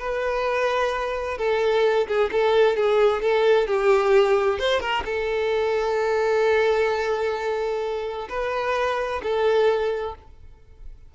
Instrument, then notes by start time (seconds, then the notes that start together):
violin
0.00 B4
1.38 A4
2.08 G#4
2.32 A4
2.77 G#4
3.22 A4
3.67 G4
4.59 C5
4.81 A#4
5.06 A4
8.30 B4
9.23 A4